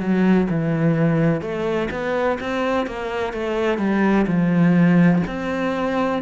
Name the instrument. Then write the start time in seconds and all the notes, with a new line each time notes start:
cello
0.00 F#3
0.50 E3
1.42 A3
1.91 B3
2.40 C4
2.87 A#3
3.33 A3
3.78 G3
4.27 F3
5.27 C4